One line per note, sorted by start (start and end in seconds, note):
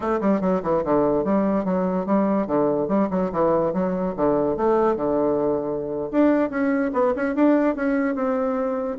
0.00 0.20 A3
0.20 0.40 G3
0.40 0.61 F#3
0.62 0.83 E3
0.84 1.24 D3
1.24 1.64 G3
1.64 2.06 F#3
2.06 2.46 G3
2.46 2.88 D3
2.88 3.08 G3
3.10 3.31 F#3
3.32 3.73 E3
3.73 4.14 F#3
4.16 4.56 D3
4.56 4.96 A3
4.96 6.10 D3
6.11 6.50 D4
6.50 6.91 C#4
6.93 7.13 B3
7.15 7.35 C#4
7.35 7.75 D4
7.75 8.15 C#4
8.15 8.98 C4